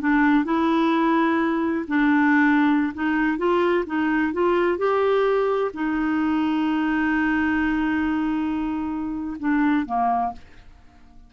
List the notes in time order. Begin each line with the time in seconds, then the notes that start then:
0.00 D4
0.45 E4
1.87 D4
2.94 D#4
3.38 F4
3.86 D#4
4.33 F4
4.78 G4
5.74 D#4
9.39 D4
9.86 A#3